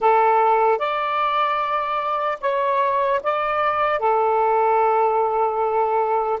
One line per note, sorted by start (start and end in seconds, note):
0.00 0.78 A4
0.78 2.38 D5
2.40 3.20 C#5
3.23 3.99 D5
3.99 6.39 A4